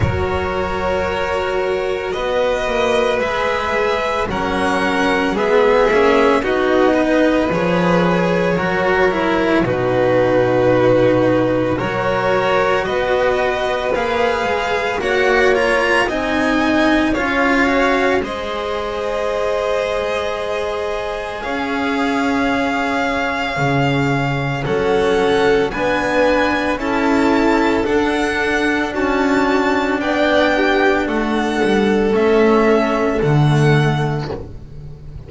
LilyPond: <<
  \new Staff \with { instrumentName = "violin" } { \time 4/4 \tempo 4 = 56 cis''2 dis''4 e''4 | fis''4 e''4 dis''4 cis''4~ | cis''4 b'2 cis''4 | dis''4 f''4 fis''8 ais''8 gis''4 |
f''4 dis''2. | f''2. fis''4 | gis''4 a''4 fis''4 a''4 | g''4 fis''4 e''4 fis''4 | }
  \new Staff \with { instrumentName = "violin" } { \time 4/4 ais'2 b'2 | ais'4 gis'4 fis'8 b'4. | ais'4 fis'2 ais'4 | b'2 cis''4 dis''4 |
cis''4 c''2. | cis''2. a'4 | b'4 a'2 fis'4 | d''8 g'8 a'2. | }
  \new Staff \with { instrumentName = "cello" } { \time 4/4 fis'2. gis'4 | cis'4 b8 cis'8 dis'4 gis'4 | fis'8 e'8 dis'2 fis'4~ | fis'4 gis'4 fis'8 f'8 dis'4 |
f'8 fis'8 gis'2.~ | gis'2. cis'4 | d'4 e'4 d'2~ | d'2 cis'4 a4 | }
  \new Staff \with { instrumentName = "double bass" } { \time 4/4 fis2 b8 ais8 gis4 | fis4 gis8 ais8 b4 f4 | fis4 b,2 fis4 | b4 ais8 gis8 ais4 c'4 |
cis'4 gis2. | cis'2 cis4 fis4 | b4 cis'4 d'4 cis'4 | b4 a8 g8 a4 d4 | }
>>